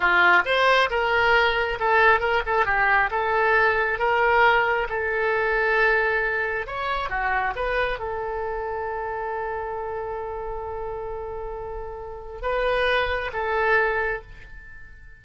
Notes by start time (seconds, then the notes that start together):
0.00 F4
0.45 C5
0.89 A#4
1.79 A4
2.20 A#4
2.45 A4
2.65 G4
3.10 A4
3.98 A#4
4.89 A4
6.66 C#5
7.09 F#4
7.55 B4
7.99 A4
12.42 B4
13.33 A4